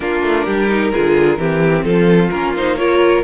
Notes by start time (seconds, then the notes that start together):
0.00 A#3 D4 F4 A#4
0.23 A3
0.45 G3 G4
0.68 D#4
0.92 D3 F4 G#4
1.37 E3 C4 G4
1.83 F3 F4 A4
2.30 A#3 C#4 A#4
2.56 D#4 C5
2.76 F4 A#4 C#5